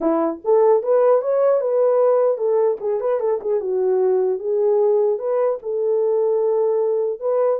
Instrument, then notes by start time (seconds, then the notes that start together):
horn
0.01 E4
0.44 A4
0.82 B4
1.21 C#5
1.60 B4
2.37 A4
2.80 G#4
3.00 B4
3.20 A4
3.41 G#4
3.60 F#4
4.39 G#4
5.19 B4
5.62 A4
7.20 B4